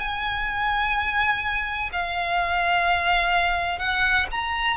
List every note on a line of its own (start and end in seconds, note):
0.00 1.90 G#5
1.93 3.79 F5
3.79 4.27 F#5
4.31 4.77 A#5